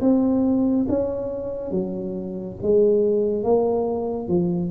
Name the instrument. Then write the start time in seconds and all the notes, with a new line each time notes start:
tuba
0.00 C4
0.88 C#4
1.71 F#3
2.62 G#3
3.43 A#3
4.28 F3